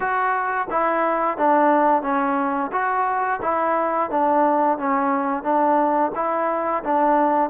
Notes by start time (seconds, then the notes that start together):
0.00 F#4
0.70 E4
1.37 D4
2.02 C#4
2.71 F#4
3.42 E4
4.10 D4
4.78 C#4
5.43 D4
6.15 E4
6.83 D4